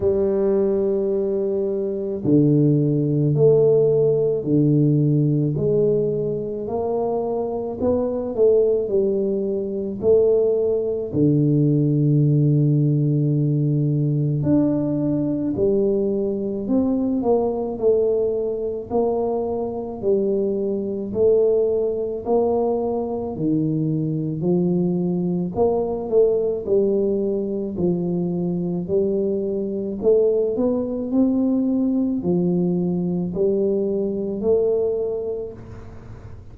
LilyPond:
\new Staff \with { instrumentName = "tuba" } { \time 4/4 \tempo 4 = 54 g2 d4 a4 | d4 gis4 ais4 b8 a8 | g4 a4 d2~ | d4 d'4 g4 c'8 ais8 |
a4 ais4 g4 a4 | ais4 dis4 f4 ais8 a8 | g4 f4 g4 a8 b8 | c'4 f4 g4 a4 | }